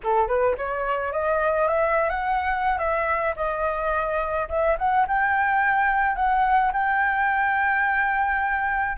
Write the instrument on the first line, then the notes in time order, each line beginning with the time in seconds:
flute
0.03 A4
0.27 B4
0.57 C#5
1.12 D#5
1.67 E5
2.09 F#5
2.78 E5
3.36 D#5
4.49 E5
4.78 F#5
5.07 G5
6.15 F#5
6.72 G5